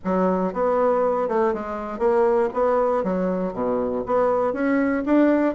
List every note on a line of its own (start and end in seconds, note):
0.04 0.53 F#3
0.53 1.28 B3
1.28 1.53 A3
1.53 1.98 G#3
1.98 2.49 A#3
2.53 3.03 B3
3.03 3.53 F#3
3.53 4.03 B2
4.06 4.53 B3
4.53 5.03 C#4
5.05 5.55 D4